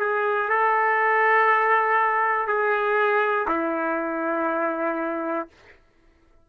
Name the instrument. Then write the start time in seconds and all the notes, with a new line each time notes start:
trumpet
0.00 G#4
0.49 A4
2.48 G#4
3.48 E4